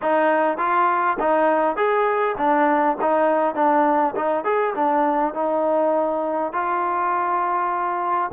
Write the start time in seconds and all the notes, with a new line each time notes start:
0.02 D#4
0.57 F4
1.19 D#4
1.76 G#4
2.37 D4
3.01 D#4
3.55 D4
4.16 D#4
4.44 G#4
4.75 D4
5.34 D#4
6.53 F4